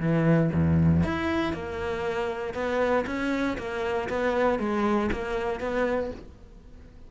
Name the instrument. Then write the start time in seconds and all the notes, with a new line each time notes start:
cello
0.00 E3
0.54 E2
1.04 E4
1.54 A#3
2.54 B3
3.07 C#4
3.59 A#3
4.10 B3
4.60 G#3
5.13 A#3
5.60 B3